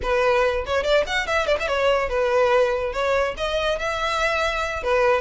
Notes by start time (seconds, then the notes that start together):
0.02 B4
0.66 C#5
0.83 D5
1.07 F#5
1.26 E5
1.46 D5
1.59 E5
1.67 C#5
2.09 B4
2.93 C#5
3.37 D#5
3.78 E5
4.83 B4